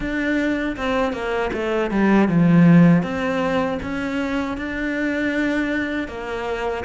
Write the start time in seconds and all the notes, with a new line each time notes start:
0.00 D4
0.77 C4
1.13 A#3
1.53 A3
1.91 G3
2.28 F3
3.02 C4
3.82 C#4
4.57 D4
6.08 A#3